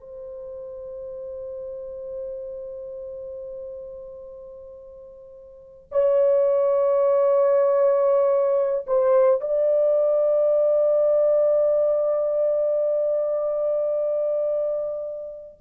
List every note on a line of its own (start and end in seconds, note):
0.00 5.88 C5
5.91 8.86 C#5
8.87 9.41 C5
9.41 15.58 D5